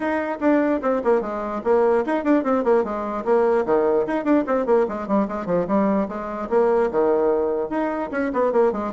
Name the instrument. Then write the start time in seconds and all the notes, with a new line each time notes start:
bassoon
0.00 D#4
0.40 D4
0.82 C4
1.04 A#3
1.21 G#3
1.63 A#3
2.05 D#4
2.24 D4
2.43 C4
2.64 A#3
2.84 G#3
3.24 A#3
3.65 D#3
4.06 D#4
4.24 D4
4.46 C4
4.66 A#3
4.88 G#3
5.07 G3
5.28 G#3
5.46 F3
5.67 G3
6.08 G#3
6.49 A#3
6.91 D#3
7.69 D#4
8.11 C#4
8.33 B3
8.52 A#3
8.72 G#3